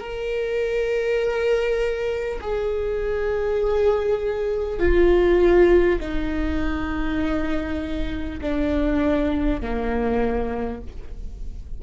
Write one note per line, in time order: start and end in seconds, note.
0.00 2.40 A#4
2.41 4.79 G#4
4.79 5.99 F4
6.00 8.40 D#4
8.41 9.61 D4
9.62 10.82 A#3